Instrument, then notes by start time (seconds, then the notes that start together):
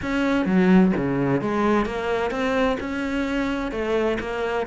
cello
0.02 C#4
0.45 F#3
0.96 C#3
1.41 G#3
1.85 A#3
2.30 C4
2.80 C#4
3.71 A3
4.20 A#3